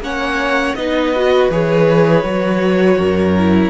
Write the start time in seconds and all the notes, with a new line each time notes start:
0.00 A#3 C#4 C#5 F#5
0.75 B3 D#4 B4 D#5
1.16 F#4
1.50 E3 G#4 C#5
2.23 F#3 F#4
2.98 F#2 A#4
3.39 E4